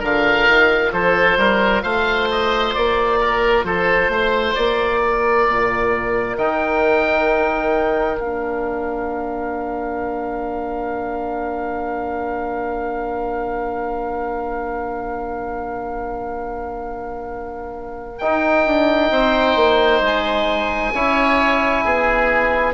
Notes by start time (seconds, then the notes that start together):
0.00 D3 F4 A#4 F5
0.48 D#3
0.92 F3 A4 C5
1.37 G3 A#4
1.83 A3 C5 F5
2.32 D#5
2.75 A#3 D5
3.20 A#4
3.64 F3 A4 C5
4.09 A3 C5
4.55 A#3 D5
5.01 A#4
5.48 A#2
6.38 D#3 D#4 G5
8.20 A#3 D4 F5
18.19 D#4 G5
18.66 D4
19.11 C4 C5
19.56 A#3
20.01 G#3 G#5
20.95 C#4 E4 C#5
21.84 B3 G#4